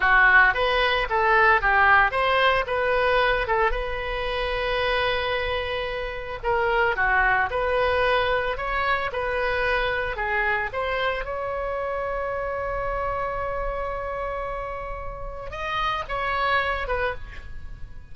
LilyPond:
\new Staff \with { instrumentName = "oboe" } { \time 4/4 \tempo 4 = 112 fis'4 b'4 a'4 g'4 | c''4 b'4. a'8 b'4~ | b'1 | ais'4 fis'4 b'2 |
cis''4 b'2 gis'4 | c''4 cis''2.~ | cis''1~ | cis''4 dis''4 cis''4. b'8 | }